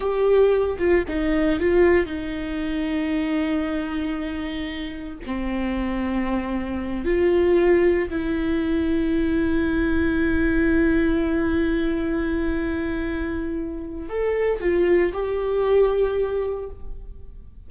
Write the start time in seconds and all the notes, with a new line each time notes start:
0.00 G4
0.78 F4
1.08 D#4
1.59 F4
2.05 D#4
5.26 C4
7.05 F4
8.09 E4
14.09 A4
14.60 F4
15.13 G4